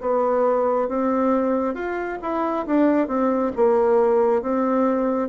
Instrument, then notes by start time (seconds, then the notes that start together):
bassoon
0.00 B3
0.88 C4
1.74 F4
2.22 E4
2.66 D4
3.08 C4
3.56 A#3
4.42 C4